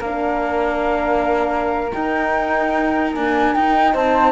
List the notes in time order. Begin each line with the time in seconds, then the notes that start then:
0.00 A#3 D4 A#4 F5
1.93 D#4 G5
3.14 A#3 D4 G#5
3.55 D#4 G5
3.94 C4 C5 A5